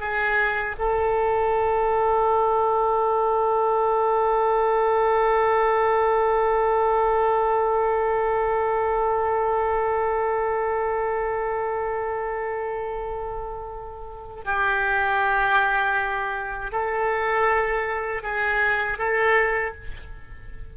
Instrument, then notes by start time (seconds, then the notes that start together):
oboe
0.00 G#4
0.79 A4
14.45 G4
16.72 A4
18.23 G#4
18.98 A4